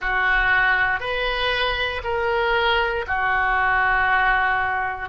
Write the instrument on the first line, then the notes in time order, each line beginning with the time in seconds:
oboe
0.00 F#4
0.99 B4
2.03 A#4
3.07 F#4